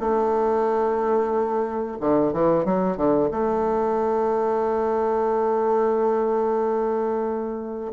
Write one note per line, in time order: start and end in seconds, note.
0.00 1.98 A3
2.00 2.33 D3
2.33 2.65 E3
2.65 2.97 F#3
2.97 3.30 D3
3.31 7.93 A3